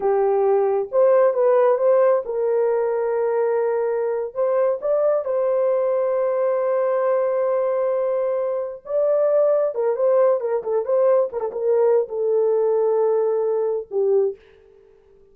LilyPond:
\new Staff \with { instrumentName = "horn" } { \time 4/4 \tempo 4 = 134 g'2 c''4 b'4 | c''4 ais'2.~ | ais'4.~ ais'16 c''4 d''4 c''16~ | c''1~ |
c''2.~ c''8. d''16~ | d''4.~ d''16 ais'8 c''4 ais'8 a'16~ | a'16 c''4 ais'16 a'16 ais'4~ ais'16 a'4~ | a'2. g'4 | }